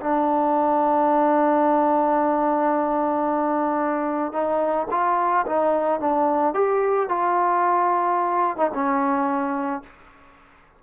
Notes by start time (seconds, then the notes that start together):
0.00 D4
4.32 D#4
4.91 F4
5.46 D#4
6.00 D4
6.54 G4
7.09 F4
8.57 D#4
8.74 C#4